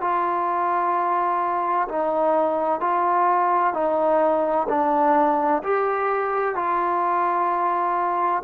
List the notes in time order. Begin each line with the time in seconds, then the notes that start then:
0.00 F4
1.88 D#4
2.80 F4
3.73 D#4
4.68 D4
5.63 G4
6.55 F4